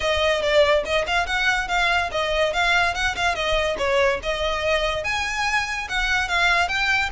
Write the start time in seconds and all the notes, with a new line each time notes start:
0.00 D#5
0.41 D5
0.84 D#5
1.06 F5
1.26 F#5
1.68 F5
2.11 D#5
2.53 F5
2.94 F#5
3.16 F5
3.35 D#5
3.78 C#5
4.22 D#5
5.03 G#5
5.88 F#5
6.28 F5
6.68 G5